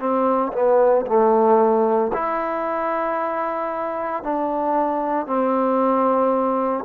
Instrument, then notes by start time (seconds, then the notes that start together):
trombone
0.00 C4
0.53 B3
1.07 A3
2.14 E4
4.23 D4
5.27 C4